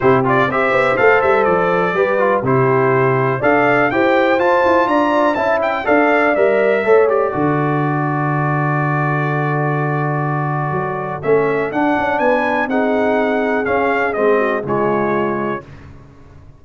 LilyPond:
<<
  \new Staff \with { instrumentName = "trumpet" } { \time 4/4 \tempo 4 = 123 c''8 d''8 e''4 f''8 e''8 d''4~ | d''4 c''2 f''4 | g''4 a''4 ais''4 a''8 g''8 | f''4 e''4. d''4.~ |
d''1~ | d''2. e''4 | fis''4 gis''4 fis''2 | f''4 dis''4 cis''2 | }
  \new Staff \with { instrumentName = "horn" } { \time 4/4 g'4 c''2. | b'4 g'2 d''4 | c''2 d''4 e''4 | d''2 cis''4 a'4~ |
a'1~ | a'1~ | a'4 b'4 gis'2~ | gis'4. fis'8 f'2 | }
  \new Staff \with { instrumentName = "trombone" } { \time 4/4 e'8 f'8 g'4 a'2 | g'8 f'8 e'2 a'4 | g'4 f'2 e'4 | a'4 ais'4 a'8 g'8 fis'4~ |
fis'1~ | fis'2. cis'4 | d'2 dis'2 | cis'4 c'4 gis2 | }
  \new Staff \with { instrumentName = "tuba" } { \time 4/4 c4 c'8 b8 a8 g8 f4 | g4 c2 d'4 | e'4 f'8 e'8 d'4 cis'4 | d'4 g4 a4 d4~ |
d1~ | d2 fis4 a4 | d'8 cis'8 b4 c'2 | cis'4 gis4 cis2 | }
>>